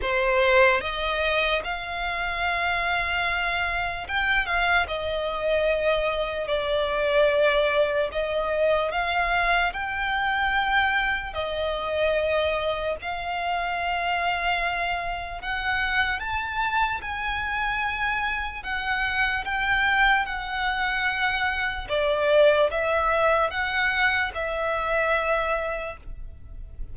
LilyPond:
\new Staff \with { instrumentName = "violin" } { \time 4/4 \tempo 4 = 74 c''4 dis''4 f''2~ | f''4 g''8 f''8 dis''2 | d''2 dis''4 f''4 | g''2 dis''2 |
f''2. fis''4 | a''4 gis''2 fis''4 | g''4 fis''2 d''4 | e''4 fis''4 e''2 | }